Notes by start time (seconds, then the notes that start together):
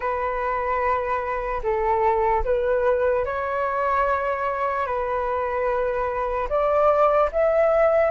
0.00 B4
1.63 A4
2.44 B4
3.25 C#5
4.86 B4
6.49 D5
7.32 E5